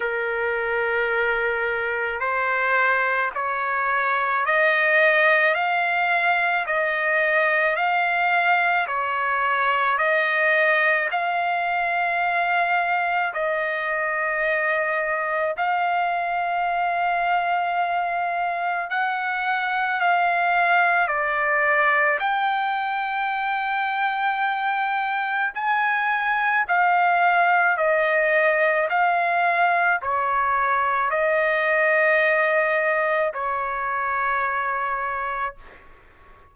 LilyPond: \new Staff \with { instrumentName = "trumpet" } { \time 4/4 \tempo 4 = 54 ais'2 c''4 cis''4 | dis''4 f''4 dis''4 f''4 | cis''4 dis''4 f''2 | dis''2 f''2~ |
f''4 fis''4 f''4 d''4 | g''2. gis''4 | f''4 dis''4 f''4 cis''4 | dis''2 cis''2 | }